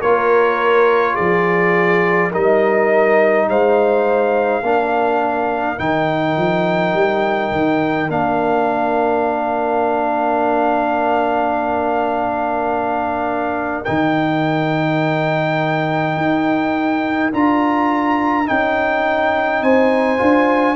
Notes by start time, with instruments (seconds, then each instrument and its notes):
0.00 tuba A#3, trombone F4, horn A#4, trumpet C#5
1.14 tuba F3, horn G#4, trumpet D5
2.31 tuba G3, trombone D#4, horn A#4, trumpet D#5
3.48 tuba G#3, horn C5, trumpet F5
4.62 tuba A#3, trombone D4, horn A#4
5.77 tuba D#3, trombone D#4, trumpet G5
6.36 tuba F3
6.93 tuba G3
7.51 tuba D#3
8.07 tuba A#3, trombone D4, trumpet F5
13.84 tuba D#3, trombone D#4, trumpet G5
16.16 tuba D#4
17.32 tuba D4, trombone F4, trumpet A#5
18.45 tuba C#4, trombone D#4, trumpet G5
19.61 tuba C4, horn C5, trumpet G#5
20.17 tuba D4, trombone F4